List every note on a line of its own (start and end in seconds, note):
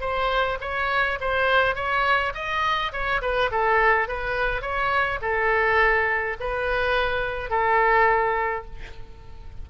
0.00 0.58 C5
0.61 1.18 C#5
1.20 1.75 C5
1.75 2.33 C#5
2.34 2.92 D#5
2.92 3.21 C#5
3.21 3.50 B4
3.51 4.08 A4
4.08 4.61 B4
4.61 5.19 C#5
5.21 6.36 A4
6.40 7.49 B4
7.49 8.65 A4